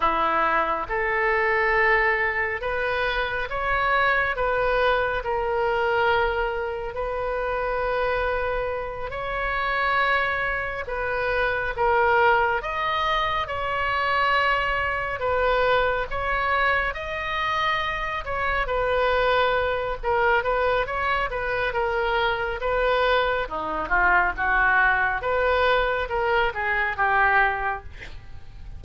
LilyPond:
\new Staff \with { instrumentName = "oboe" } { \time 4/4 \tempo 4 = 69 e'4 a'2 b'4 | cis''4 b'4 ais'2 | b'2~ b'8 cis''4.~ | cis''8 b'4 ais'4 dis''4 cis''8~ |
cis''4. b'4 cis''4 dis''8~ | dis''4 cis''8 b'4. ais'8 b'8 | cis''8 b'8 ais'4 b'4 dis'8 f'8 | fis'4 b'4 ais'8 gis'8 g'4 | }